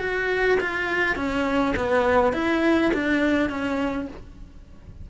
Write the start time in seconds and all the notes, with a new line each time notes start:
0.00 F#4
0.60 F4
1.16 C#4
1.77 B3
2.33 E4
2.94 D4
3.50 C#4